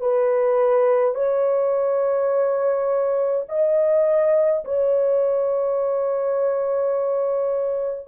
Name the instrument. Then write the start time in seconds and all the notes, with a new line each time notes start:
horn
0.00 B4
1.15 C#5
3.49 D#5
4.65 C#5